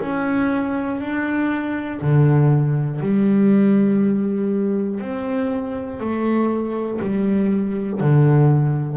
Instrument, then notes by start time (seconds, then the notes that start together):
double bass
0.00 C#4
1.00 D4
2.01 D3
3.00 G3
5.00 C4
6.00 A3
7.01 G3
8.00 D3